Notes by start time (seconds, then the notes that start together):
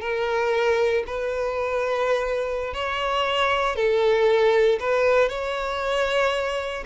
0.00 A#4
1.06 B4
2.73 C#5
3.75 A4
4.79 B4
5.29 C#5